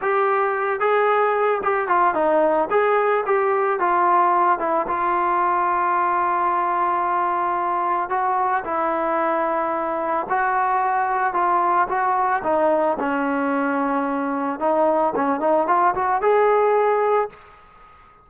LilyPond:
\new Staff \with { instrumentName = "trombone" } { \time 4/4 \tempo 4 = 111 g'4. gis'4. g'8 f'8 | dis'4 gis'4 g'4 f'4~ | f'8 e'8 f'2.~ | f'2. fis'4 |
e'2. fis'4~ | fis'4 f'4 fis'4 dis'4 | cis'2. dis'4 | cis'8 dis'8 f'8 fis'8 gis'2 | }